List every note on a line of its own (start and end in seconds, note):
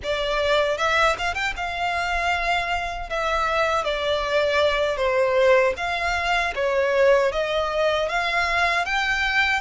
0.03 0.77 D5
0.77 1.15 E5
1.17 1.34 F5
1.34 1.53 G5
1.56 3.09 F5
3.09 3.84 E5
3.84 4.97 D5
4.97 5.73 C5
5.76 6.53 F5
6.55 7.31 C#5
7.32 8.08 D#5
8.08 8.85 F5
8.85 9.61 G5